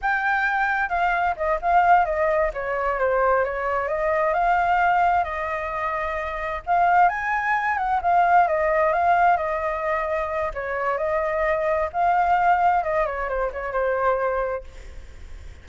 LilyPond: \new Staff \with { instrumentName = "flute" } { \time 4/4 \tempo 4 = 131 g''2 f''4 dis''8 f''8~ | f''8 dis''4 cis''4 c''4 cis''8~ | cis''8 dis''4 f''2 dis''8~ | dis''2~ dis''8 f''4 gis''8~ |
gis''4 fis''8 f''4 dis''4 f''8~ | f''8 dis''2~ dis''8 cis''4 | dis''2 f''2 | dis''8 cis''8 c''8 cis''8 c''2 | }